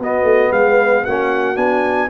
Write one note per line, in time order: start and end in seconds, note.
0.00 0.24 B3
0.00 1.08 B3
0.00 0.54 F#4
0.00 0.53 D#5
0.24 0.50 A3
0.52 1.04 G#3
0.52 1.04 B4
0.52 1.05 F5
1.04 1.57 A#3
1.04 1.56 C#4
1.04 2.10 F#4
1.04 1.57 F#5
1.56 2.09 B3
1.56 2.09 D4
1.56 2.10 G#5